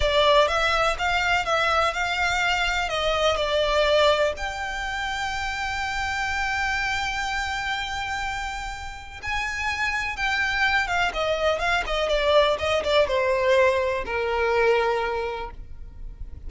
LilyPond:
\new Staff \with { instrumentName = "violin" } { \time 4/4 \tempo 4 = 124 d''4 e''4 f''4 e''4 | f''2 dis''4 d''4~ | d''4 g''2.~ | g''1~ |
g''2. gis''4~ | gis''4 g''4. f''8 dis''4 | f''8 dis''8 d''4 dis''8 d''8 c''4~ | c''4 ais'2. | }